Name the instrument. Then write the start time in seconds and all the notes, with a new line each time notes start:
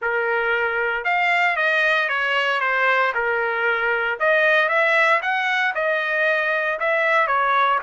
trumpet
0.01 A#4
1.04 F5
1.56 D#5
2.08 C#5
2.60 C5
3.14 A#4
4.19 D#5
4.68 E5
5.22 F#5
5.74 D#5
6.79 E5
7.27 C#5